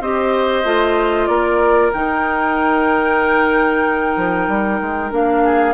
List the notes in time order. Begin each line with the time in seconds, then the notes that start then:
0.00 C4 G4 C5 D#5
0.64 A3 F4
1.26 A#3 A#4 D5
1.93 D#3 D#4 G5
4.16 F3
4.48 G3
4.81 G#3
5.11 A#3 D4 F5
5.44 G#4